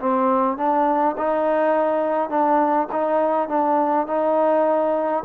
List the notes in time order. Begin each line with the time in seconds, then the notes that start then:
0.00 C4
0.57 D4
1.18 D#4
2.30 D4
2.92 D#4
3.49 D4
4.07 D#4